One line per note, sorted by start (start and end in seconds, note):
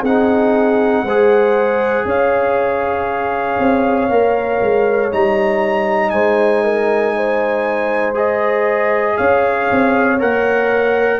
0.00 1.02 C4
0.00 1.06 D#4
0.00 1.02 G#4
0.00 2.08 F#5
1.02 2.04 G#3
1.02 4.10 G#4
1.02 2.06 C5
2.04 3.57 C#4
2.04 6.12 C#5
2.04 5.12 F5
3.58 4.09 C4
4.09 4.60 A#3
4.09 5.11 A#4
4.61 5.12 G#3
5.11 6.11 G3
5.11 8.14 D#4
5.11 6.10 A#5
6.10 9.17 G#3
6.10 6.63 C5
6.10 8.13 G#5
6.63 7.14 A#4
7.16 9.17 C5
8.14 10.18 G#4
8.14 9.17 D#5
9.17 9.70 C#4
9.17 11.19 C#5
9.17 10.18 F5
9.71 10.21 C4
10.19 11.19 A#3
10.19 11.19 A#4
10.19 11.19 F#5